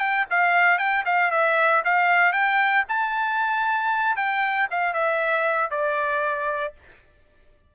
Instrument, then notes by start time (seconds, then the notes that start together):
trumpet
0.00 G5
0.31 F5
0.79 G5
1.06 F5
1.31 E5
1.85 F5
2.33 G5
2.89 A5
4.17 G5
4.71 F5
4.94 E5
5.71 D5